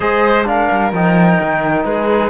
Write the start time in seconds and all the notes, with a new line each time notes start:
0.00 G#3 G#4 C5 D#5
0.45 D4 A#4 F5
0.71 G3
0.91 F3 D#4 G5
1.40 D#3
1.84 G#3 G#4 B4